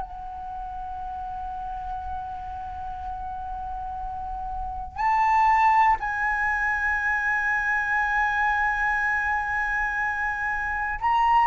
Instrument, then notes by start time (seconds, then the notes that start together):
flute
0.00 F#5
4.96 A5
6.00 G#5
11.00 A#5